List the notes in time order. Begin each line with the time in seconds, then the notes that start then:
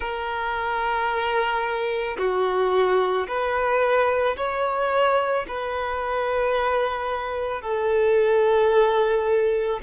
0.00 A#4
2.18 F#4
3.27 B4
4.36 C#5
5.48 B4
7.61 A4